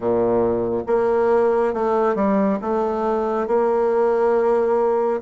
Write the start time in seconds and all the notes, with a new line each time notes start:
0.00 A#2
0.87 A#3
1.73 A3
2.15 G3
2.61 A3
3.47 A#3